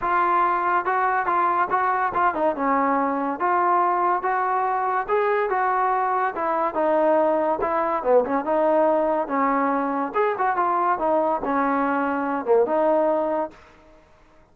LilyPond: \new Staff \with { instrumentName = "trombone" } { \time 4/4 \tempo 4 = 142 f'2 fis'4 f'4 | fis'4 f'8 dis'8 cis'2 | f'2 fis'2 | gis'4 fis'2 e'4 |
dis'2 e'4 b8 cis'8 | dis'2 cis'2 | gis'8 fis'8 f'4 dis'4 cis'4~ | cis'4. ais8 dis'2 | }